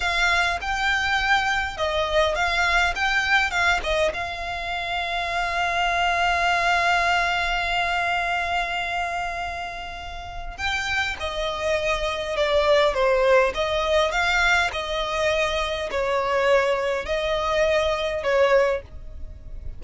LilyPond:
\new Staff \with { instrumentName = "violin" } { \time 4/4 \tempo 4 = 102 f''4 g''2 dis''4 | f''4 g''4 f''8 dis''8 f''4~ | f''1~ | f''1~ |
f''2 g''4 dis''4~ | dis''4 d''4 c''4 dis''4 | f''4 dis''2 cis''4~ | cis''4 dis''2 cis''4 | }